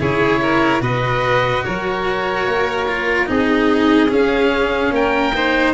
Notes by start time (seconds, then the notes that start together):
0.00 C#3 E4 G#4 C#5
0.42 A#4
0.81 B2 F#4 B4 D#5
1.65 F#3 A#4 C#5
2.46 A#3
2.88 F4
3.26 C4 D#4 G#4 D#5
4.09 C#4 F5
4.91 A#3 A#4 G5
5.35 D#4 C5